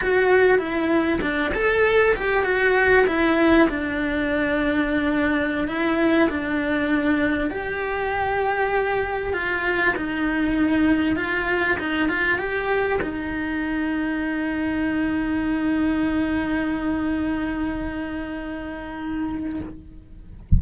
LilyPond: \new Staff \with { instrumentName = "cello" } { \time 4/4 \tempo 4 = 98 fis'4 e'4 d'8 a'4 g'8 | fis'4 e'4 d'2~ | d'4~ d'16 e'4 d'4.~ d'16~ | d'16 g'2. f'8.~ |
f'16 dis'2 f'4 dis'8 f'16~ | f'16 g'4 dis'2~ dis'8.~ | dis'1~ | dis'1 | }